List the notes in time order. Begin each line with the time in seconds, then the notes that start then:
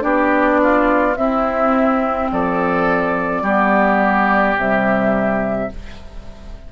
0.00 B3 D4 G4 D5
0.63 F4
1.16 C4 E4 E5
2.31 F3 A4 D5
3.42 G3 B3 G4
4.57 C3 G3 E5